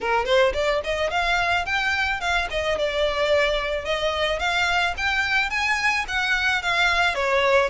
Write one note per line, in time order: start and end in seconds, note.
0.01 0.25 A#4
0.25 0.53 C5
0.53 0.81 D5
0.84 1.10 D#5
1.10 1.65 F5
1.65 2.20 G5
2.20 2.48 F5
2.50 2.77 D#5
2.78 3.85 D5
3.85 4.39 D#5
4.39 4.94 F5
4.97 5.50 G5
5.50 6.05 G#5
6.08 6.62 F#5
6.62 7.14 F5
7.14 7.69 C#5